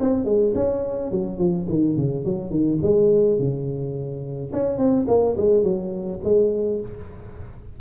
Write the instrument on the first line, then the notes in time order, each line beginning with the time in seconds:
tuba
0.00 C4
0.25 G#3
0.55 C#4
1.11 F#3
1.38 F3
1.69 D#3
1.96 C#3
2.25 F#3
2.50 D#3
2.82 G#3
3.39 C#3
4.53 C#4
4.78 C4
5.07 A#3
5.37 G#3
5.63 F#3
6.24 G#3